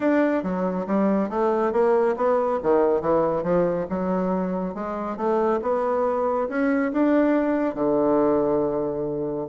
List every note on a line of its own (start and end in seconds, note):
0.00 0.43 D4
0.43 0.86 F#3
0.86 1.29 G3
1.29 1.72 A3
1.72 2.15 A#3
2.16 2.59 B3
2.63 3.01 D#3
3.01 3.43 E3
3.43 3.86 F3
3.89 4.74 F#3
4.74 5.16 G#3
5.16 5.60 A3
5.62 6.48 B3
6.49 6.92 C#4
6.92 7.75 D4
7.75 9.47 D3